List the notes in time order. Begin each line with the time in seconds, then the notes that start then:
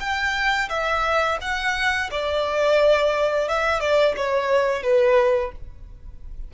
0.00 G5
0.69 E5
1.41 F#5
2.11 D5
3.48 E5
3.80 D5
4.16 C#5
4.82 B4